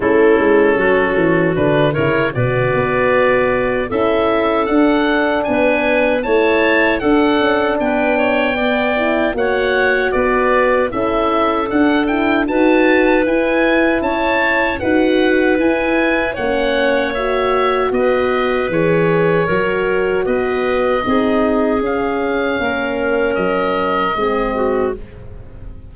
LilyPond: <<
  \new Staff \with { instrumentName = "oboe" } { \time 4/4 \tempo 4 = 77 a'2 b'8 cis''8 d''4~ | d''4 e''4 fis''4 gis''4 | a''4 fis''4 g''2 | fis''4 d''4 e''4 fis''8 g''8 |
a''4 gis''4 a''4 fis''4 | gis''4 fis''4 e''4 dis''4 | cis''2 dis''2 | f''2 dis''2 | }
  \new Staff \with { instrumentName = "clarinet" } { \time 4/4 e'4 fis'4. ais'8 b'4~ | b'4 a'2 b'4 | cis''4 a'4 b'8 cis''8 d''4 | cis''4 b'4 a'2 |
b'2 cis''4 b'4~ | b'4 cis''2 b'4~ | b'4 ais'4 b'4 gis'4~ | gis'4 ais'2 gis'8 fis'8 | }
  \new Staff \with { instrumentName = "horn" } { \time 4/4 cis'2 d'8 e'8 fis'4~ | fis'4 e'4 d'2 | e'4 d'2 b8 e'8 | fis'2 e'4 d'8 e'8 |
fis'4 e'2 fis'4 | e'4 cis'4 fis'2 | gis'4 fis'2 dis'4 | cis'2. c'4 | }
  \new Staff \with { instrumentName = "tuba" } { \time 4/4 a8 gis8 fis8 e8 d8 cis8 b,8 b8~ | b4 cis'4 d'4 b4 | a4 d'8 cis'8 b2 | ais4 b4 cis'4 d'4 |
dis'4 e'4 cis'4 dis'4 | e'4 ais2 b4 | e4 fis4 b4 c'4 | cis'4 ais4 fis4 gis4 | }
>>